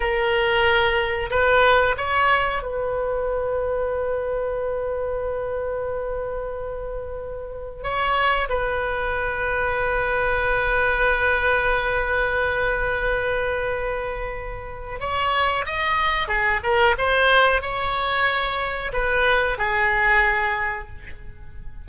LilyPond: \new Staff \with { instrumentName = "oboe" } { \time 4/4 \tempo 4 = 92 ais'2 b'4 cis''4 | b'1~ | b'1 | cis''4 b'2.~ |
b'1~ | b'2. cis''4 | dis''4 gis'8 ais'8 c''4 cis''4~ | cis''4 b'4 gis'2 | }